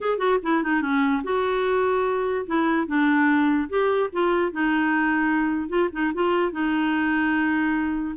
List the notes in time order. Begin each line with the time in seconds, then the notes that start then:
0.00 G#4
0.18 F#4
0.42 E4
0.63 D#4
0.81 C#4
1.23 F#4
2.46 E4
2.87 D4
3.69 G4
4.12 F4
4.51 D#4
5.68 F4
5.92 D#4
6.14 F4
6.52 D#4